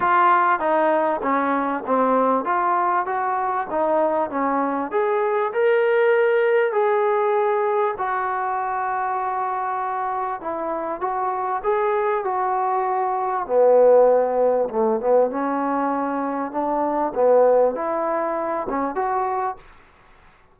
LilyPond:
\new Staff \with { instrumentName = "trombone" } { \time 4/4 \tempo 4 = 98 f'4 dis'4 cis'4 c'4 | f'4 fis'4 dis'4 cis'4 | gis'4 ais'2 gis'4~ | gis'4 fis'2.~ |
fis'4 e'4 fis'4 gis'4 | fis'2 b2 | a8 b8 cis'2 d'4 | b4 e'4. cis'8 fis'4 | }